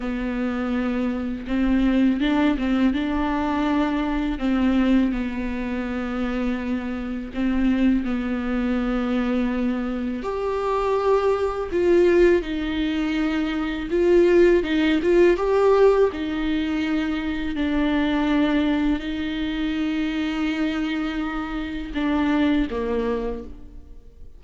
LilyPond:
\new Staff \with { instrumentName = "viola" } { \time 4/4 \tempo 4 = 82 b2 c'4 d'8 c'8 | d'2 c'4 b4~ | b2 c'4 b4~ | b2 g'2 |
f'4 dis'2 f'4 | dis'8 f'8 g'4 dis'2 | d'2 dis'2~ | dis'2 d'4 ais4 | }